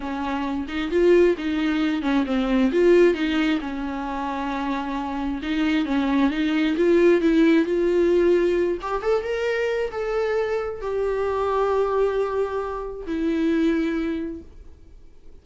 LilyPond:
\new Staff \with { instrumentName = "viola" } { \time 4/4 \tempo 4 = 133 cis'4. dis'8 f'4 dis'4~ | dis'8 cis'8 c'4 f'4 dis'4 | cis'1 | dis'4 cis'4 dis'4 f'4 |
e'4 f'2~ f'8 g'8 | a'8 ais'4. a'2 | g'1~ | g'4 e'2. | }